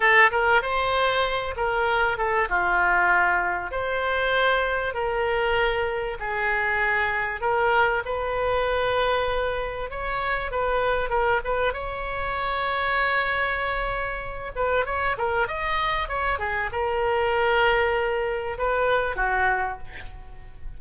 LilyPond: \new Staff \with { instrumentName = "oboe" } { \time 4/4 \tempo 4 = 97 a'8 ais'8 c''4. ais'4 a'8 | f'2 c''2 | ais'2 gis'2 | ais'4 b'2. |
cis''4 b'4 ais'8 b'8 cis''4~ | cis''2.~ cis''8 b'8 | cis''8 ais'8 dis''4 cis''8 gis'8 ais'4~ | ais'2 b'4 fis'4 | }